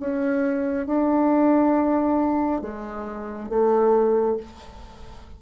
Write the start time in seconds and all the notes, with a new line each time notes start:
0.00 C#4
0.87 D4
2.61 G#3
3.49 A3